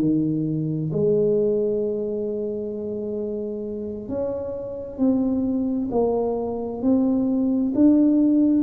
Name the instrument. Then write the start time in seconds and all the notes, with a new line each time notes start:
tuba
0.00 D#3
0.93 G#3
4.08 C#4
4.98 C4
5.91 A#3
6.82 C4
7.75 D4